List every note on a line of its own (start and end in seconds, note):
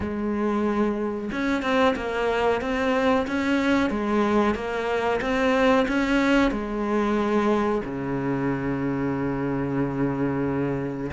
0.00 1.30 G#3
1.32 1.62 C#4
1.62 1.94 C4
1.96 2.61 A#3
2.61 3.26 C4
3.27 3.90 C#4
3.90 4.54 G#3
4.54 5.20 A#3
5.21 5.86 C4
5.88 6.51 C#4
6.51 7.81 G#3
7.84 11.10 C#3